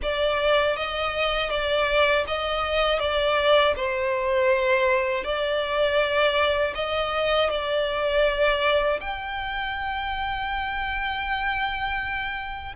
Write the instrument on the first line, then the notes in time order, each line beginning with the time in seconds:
violin
0.02 D5
0.76 D#5
1.50 D5
2.27 D#5
2.99 D5
3.75 C5
5.23 D5
6.75 D#5
7.50 D5
9.00 G5